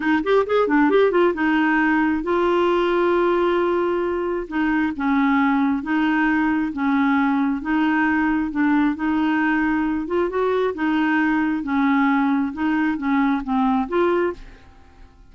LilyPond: \new Staff \with { instrumentName = "clarinet" } { \time 4/4 \tempo 4 = 134 dis'8 g'8 gis'8 d'8 g'8 f'8 dis'4~ | dis'4 f'2.~ | f'2 dis'4 cis'4~ | cis'4 dis'2 cis'4~ |
cis'4 dis'2 d'4 | dis'2~ dis'8 f'8 fis'4 | dis'2 cis'2 | dis'4 cis'4 c'4 f'4 | }